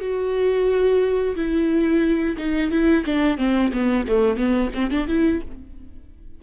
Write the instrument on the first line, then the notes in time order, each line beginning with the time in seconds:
viola
0.00 F#4
1.35 E4
2.37 D#4
2.71 E4
3.05 D4
3.38 C4
3.73 B3
4.07 A3
4.36 B3
4.74 C4
4.91 D4
5.07 E4